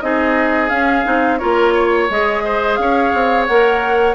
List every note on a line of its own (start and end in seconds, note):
0.00 0.70 C4
0.00 0.69 D#4
0.00 1.39 G#4
0.00 0.69 D#5
0.69 1.04 C#4
0.69 1.05 C#4
0.69 1.37 F5
1.04 1.40 C4
1.04 1.38 D#4
1.37 2.09 A#3
1.37 2.08 F4
1.37 1.73 A#4
1.37 2.06 C#5
1.74 2.43 C#5
2.09 2.78 G#3
2.09 3.49 G#4
2.09 2.75 D#5
2.44 2.78 C5
2.75 3.12 C#4
2.75 4.15 C#5
2.75 3.44 F5
3.13 3.48 C4
3.46 4.15 A#3
3.46 4.15 A#4
3.46 4.15 F#5